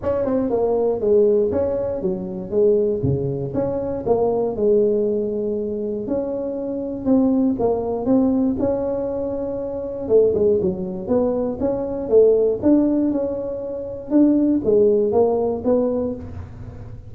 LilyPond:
\new Staff \with { instrumentName = "tuba" } { \time 4/4 \tempo 4 = 119 cis'8 c'8 ais4 gis4 cis'4 | fis4 gis4 cis4 cis'4 | ais4 gis2. | cis'2 c'4 ais4 |
c'4 cis'2. | a8 gis8 fis4 b4 cis'4 | a4 d'4 cis'2 | d'4 gis4 ais4 b4 | }